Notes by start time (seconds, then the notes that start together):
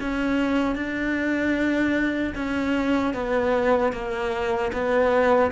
0.00 C#4
0.75 D4
2.35 C#4
3.14 B3
3.93 A#3
4.73 B3